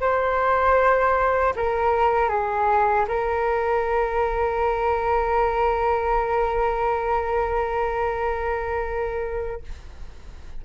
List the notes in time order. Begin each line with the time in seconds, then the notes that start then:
0.00 C5
1.56 A#4
2.29 G#4
3.08 A#4